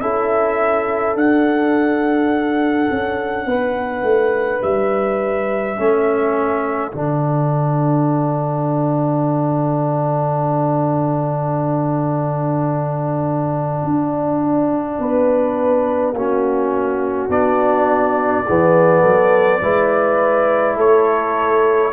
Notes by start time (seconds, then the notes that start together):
0.00 C#4 E4 A4 E5
1.15 D4 F#5
2.91 C#4
3.46 B3 B4
4.03 A3
4.62 G3 E5
5.76 A3 C#4 A4
6.92 D3 D4 F#5
13.83 D4
14.99 B3 B4
16.13 A#3 C#4 F#4
17.29 B3 D4 D5
18.46 E3 B3 G#4
19.01 F#3 A4
19.62 G#3 E4 B4
20.76 A3 A4 C#5